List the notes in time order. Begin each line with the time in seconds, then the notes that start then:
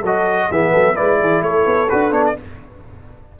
0.00 F#3 F#4 A4 D#5
0.50 E3 B3 G#4 E5
0.73 F#3 A4
0.95 G#3 E4 B4 D5
1.21 E3 G#4
1.42 A3 A4 C#5
1.66 B3
1.89 D4 F#4 B4
2.11 B3 D4 C#5
2.25 D5